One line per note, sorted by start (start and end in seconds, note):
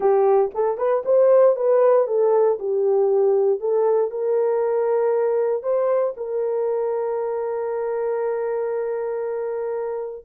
0.00 0.50 G4
0.54 0.77 A4
0.77 1.03 B4
1.05 1.56 C5
1.56 2.07 B4
2.07 2.58 A4
2.59 3.59 G4
3.59 4.10 A4
4.10 5.62 A#4
5.62 6.14 C5
6.16 10.25 A#4